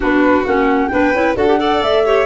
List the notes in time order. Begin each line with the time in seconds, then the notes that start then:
0.00 B3 D4 F#4 B4
0.44 A#3 C#4 F#5
0.88 B3 D4 B4 G5
1.13 C#4 E4
1.35 D4 F#4 A4 F#5
1.47 G4
1.58 A4 D5
1.82 A3 E5
2.05 G4 C#5